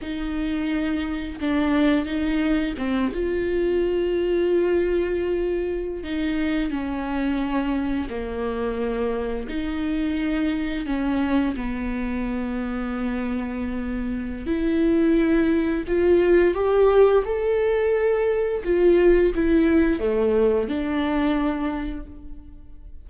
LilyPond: \new Staff \with { instrumentName = "viola" } { \time 4/4 \tempo 4 = 87 dis'2 d'4 dis'4 | c'8 f'2.~ f'8~ | f'8. dis'4 cis'2 ais16~ | ais4.~ ais16 dis'2 cis'16~ |
cis'8. b2.~ b16~ | b4 e'2 f'4 | g'4 a'2 f'4 | e'4 a4 d'2 | }